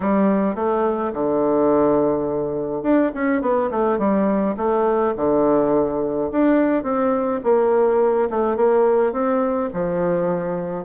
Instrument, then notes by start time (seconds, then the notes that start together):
bassoon
0.00 G3
0.55 A3
1.13 D3
2.82 D4
3.14 C#4
3.41 B3
3.70 A3
3.98 G3
4.57 A3
5.16 D3
6.31 D4
6.83 C4
7.43 A#3
8.29 A3
8.56 A#3
9.12 C4
9.73 F3